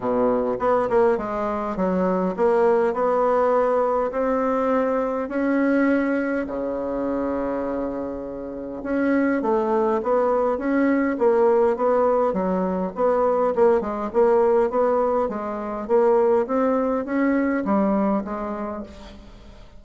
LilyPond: \new Staff \with { instrumentName = "bassoon" } { \time 4/4 \tempo 4 = 102 b,4 b8 ais8 gis4 fis4 | ais4 b2 c'4~ | c'4 cis'2 cis4~ | cis2. cis'4 |
a4 b4 cis'4 ais4 | b4 fis4 b4 ais8 gis8 | ais4 b4 gis4 ais4 | c'4 cis'4 g4 gis4 | }